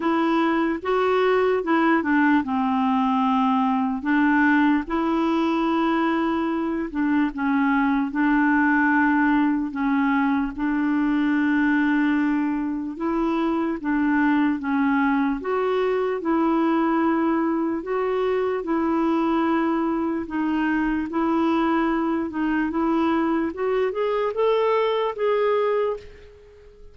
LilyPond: \new Staff \with { instrumentName = "clarinet" } { \time 4/4 \tempo 4 = 74 e'4 fis'4 e'8 d'8 c'4~ | c'4 d'4 e'2~ | e'8 d'8 cis'4 d'2 | cis'4 d'2. |
e'4 d'4 cis'4 fis'4 | e'2 fis'4 e'4~ | e'4 dis'4 e'4. dis'8 | e'4 fis'8 gis'8 a'4 gis'4 | }